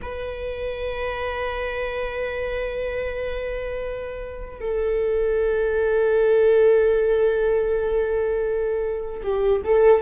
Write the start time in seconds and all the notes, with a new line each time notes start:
0.01 B4
4.60 A4
9.23 G4
9.64 A4